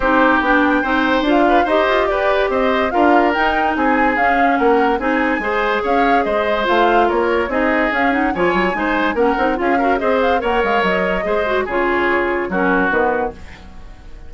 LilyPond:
<<
  \new Staff \with { instrumentName = "flute" } { \time 4/4 \tempo 4 = 144 c''4 g''2 f''4 | dis''4 d''4 dis''4 f''4 | g''4 gis''4 f''4 fis''4 | gis''2 f''4 dis''4 |
f''4 cis''4 dis''4 f''8 fis''8 | gis''2 fis''4 f''4 | dis''8 f''8 fis''8 f''8 dis''2 | cis''2 ais'4 b'4 | }
  \new Staff \with { instrumentName = "oboe" } { \time 4/4 g'2 c''4. b'8 | c''4 b'4 c''4 ais'4~ | ais'4 gis'2 ais'4 | gis'4 c''4 cis''4 c''4~ |
c''4 ais'4 gis'2 | cis''4 c''4 ais'4 gis'8 ais'8 | c''4 cis''2 c''4 | gis'2 fis'2 | }
  \new Staff \with { instrumentName = "clarinet" } { \time 4/4 dis'4 d'4 dis'4 f'4 | g'2. f'4 | dis'2 cis'2 | dis'4 gis'2. |
f'2 dis'4 cis'8 dis'8 | f'4 dis'4 cis'8 dis'8 f'8 fis'8 | gis'4 ais'2 gis'8 fis'8 | f'2 cis'4 b4 | }
  \new Staff \with { instrumentName = "bassoon" } { \time 4/4 c'4 b4 c'4 d'4 | dis'8 f'8 g'4 c'4 d'4 | dis'4 c'4 cis'4 ais4 | c'4 gis4 cis'4 gis4 |
a4 ais4 c'4 cis'4 | f8 fis8 gis4 ais8 c'8 cis'4 | c'4 ais8 gis8 fis4 gis4 | cis2 fis4 dis4 | }
>>